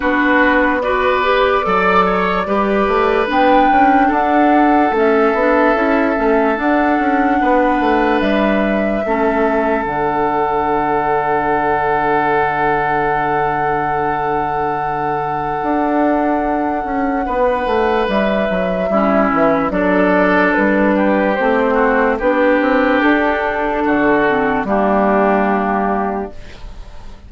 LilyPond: <<
  \new Staff \with { instrumentName = "flute" } { \time 4/4 \tempo 4 = 73 b'4 d''2. | g''4 fis''4 e''2 | fis''2 e''2 | fis''1~ |
fis''1~ | fis''2 e''2 | d''4 b'4 c''4 b'4 | a'2 g'2 | }
  \new Staff \with { instrumentName = "oboe" } { \time 4/4 fis'4 b'4 d''8 cis''8 b'4~ | b'4 a'2.~ | a'4 b'2 a'4~ | a'1~ |
a'1~ | a'4 b'2 e'4 | a'4. g'4 fis'8 g'4~ | g'4 fis'4 d'2 | }
  \new Staff \with { instrumentName = "clarinet" } { \time 4/4 d'4 fis'8 g'8 a'4 g'4 | d'2 cis'8 d'8 e'8 cis'8 | d'2. cis'4 | d'1~ |
d'1~ | d'2. cis'4 | d'2 c'4 d'4~ | d'4. c'8 ais2 | }
  \new Staff \with { instrumentName = "bassoon" } { \time 4/4 b2 fis4 g8 a8 | b8 cis'8 d'4 a8 b8 cis'8 a8 | d'8 cis'8 b8 a8 g4 a4 | d1~ |
d2. d'4~ | d'8 cis'8 b8 a8 g8 fis8 g8 e8 | fis4 g4 a4 b8 c'8 | d'4 d4 g2 | }
>>